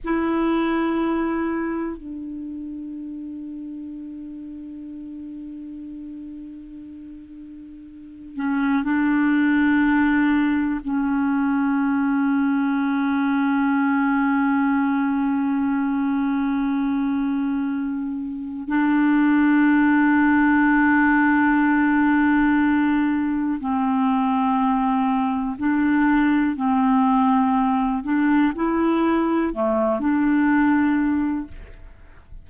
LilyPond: \new Staff \with { instrumentName = "clarinet" } { \time 4/4 \tempo 4 = 61 e'2 d'2~ | d'1~ | d'8 cis'8 d'2 cis'4~ | cis'1~ |
cis'2. d'4~ | d'1 | c'2 d'4 c'4~ | c'8 d'8 e'4 a8 d'4. | }